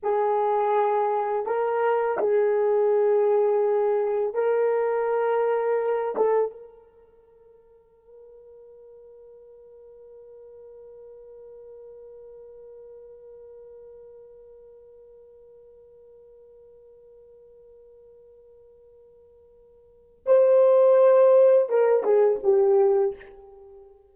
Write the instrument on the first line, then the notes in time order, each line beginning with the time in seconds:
horn
0.02 G#4
1.46 A#4
2.18 G#4
4.34 A#4
6.16 A4
6.51 A#4
20.25 C5
21.69 A#4
22.03 G#4
22.43 G4